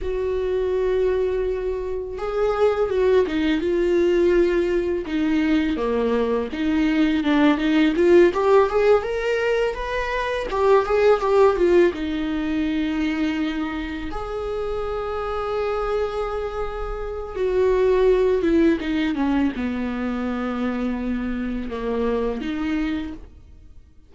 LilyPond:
\new Staff \with { instrumentName = "viola" } { \time 4/4 \tempo 4 = 83 fis'2. gis'4 | fis'8 dis'8 f'2 dis'4 | ais4 dis'4 d'8 dis'8 f'8 g'8 | gis'8 ais'4 b'4 g'8 gis'8 g'8 |
f'8 dis'2. gis'8~ | gis'1 | fis'4. e'8 dis'8 cis'8 b4~ | b2 ais4 dis'4 | }